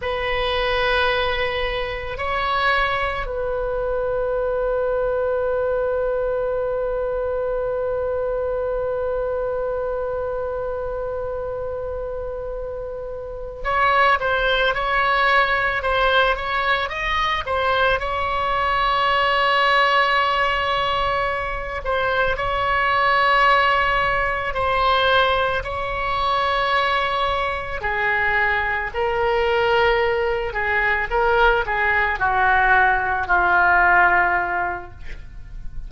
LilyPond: \new Staff \with { instrumentName = "oboe" } { \time 4/4 \tempo 4 = 55 b'2 cis''4 b'4~ | b'1~ | b'1~ | b'8 cis''8 c''8 cis''4 c''8 cis''8 dis''8 |
c''8 cis''2.~ cis''8 | c''8 cis''2 c''4 cis''8~ | cis''4. gis'4 ais'4. | gis'8 ais'8 gis'8 fis'4 f'4. | }